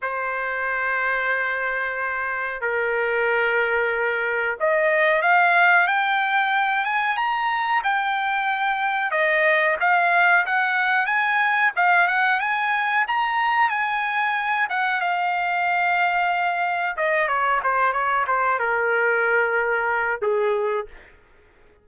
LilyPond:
\new Staff \with { instrumentName = "trumpet" } { \time 4/4 \tempo 4 = 92 c''1 | ais'2. dis''4 | f''4 g''4. gis''8 ais''4 | g''2 dis''4 f''4 |
fis''4 gis''4 f''8 fis''8 gis''4 | ais''4 gis''4. fis''8 f''4~ | f''2 dis''8 cis''8 c''8 cis''8 | c''8 ais'2~ ais'8 gis'4 | }